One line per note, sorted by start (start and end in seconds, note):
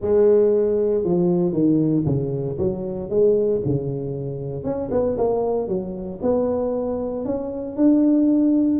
0.01 1.03 G#3
1.03 1.53 F3
1.53 2.04 D#3
2.05 2.57 C#3
2.58 3.09 F#3
3.09 3.61 G#3
3.65 4.63 C#3
4.63 4.89 C#4
4.91 5.17 B3
5.17 5.68 A#3
5.68 6.19 F#3
6.22 7.25 B3
7.25 7.76 C#4
7.76 8.80 D4